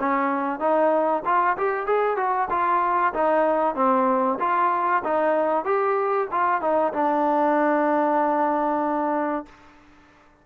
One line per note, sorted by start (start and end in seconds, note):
0.00 0.60 C#4
0.60 1.23 D#4
1.25 1.57 F4
1.58 1.87 G4
1.87 2.17 G#4
2.17 2.49 F#4
2.51 3.14 F4
3.14 3.76 D#4
3.76 4.39 C4
4.40 5.04 F4
5.05 5.65 D#4
5.65 6.28 G4
6.32 6.62 F4
6.62 6.93 D#4
6.94 9.46 D4